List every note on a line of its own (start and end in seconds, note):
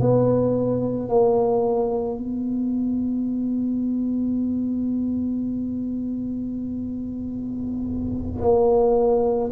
0.00 1.09 B3
1.09 2.18 A#3
2.18 8.42 B3
8.42 9.51 A#3